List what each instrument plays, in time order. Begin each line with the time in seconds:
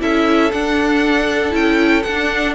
0.00 cello C#4, viola E4, violin A4 E5
0.52 viola D4, cello D4, violin F#5
1.51 cello C#4, viola E4, violin G5
2.03 cello D4, viola D4, violin F#5